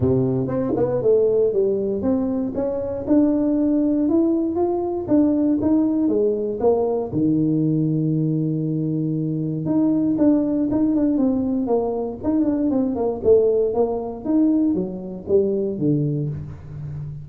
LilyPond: \new Staff \with { instrumentName = "tuba" } { \time 4/4 \tempo 4 = 118 c4 c'8 b8 a4 g4 | c'4 cis'4 d'2 | e'4 f'4 d'4 dis'4 | gis4 ais4 dis2~ |
dis2. dis'4 | d'4 dis'8 d'8 c'4 ais4 | dis'8 d'8 c'8 ais8 a4 ais4 | dis'4 fis4 g4 d4 | }